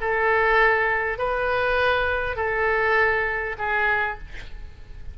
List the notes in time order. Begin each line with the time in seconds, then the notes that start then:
0.00 A4
1.18 B4
2.36 A4
3.58 G#4